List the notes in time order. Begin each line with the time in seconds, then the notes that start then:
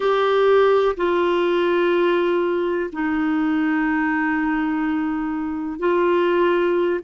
0.00 G4
0.96 F4
2.92 D#4
5.79 F4